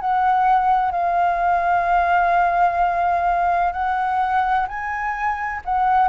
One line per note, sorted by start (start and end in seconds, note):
0.00 0.91 F#5
0.91 3.72 F5
3.73 4.67 F#5
4.68 5.62 G#5
5.65 6.09 F#5